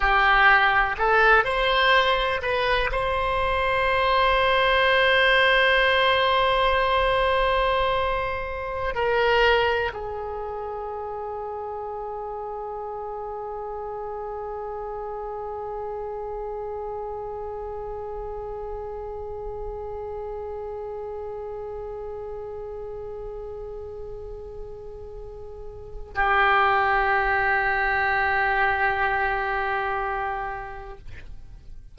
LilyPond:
\new Staff \with { instrumentName = "oboe" } { \time 4/4 \tempo 4 = 62 g'4 a'8 c''4 b'8 c''4~ | c''1~ | c''4~ c''16 ais'4 gis'4.~ gis'16~ | gis'1~ |
gis'1~ | gis'1~ | gis'2. g'4~ | g'1 | }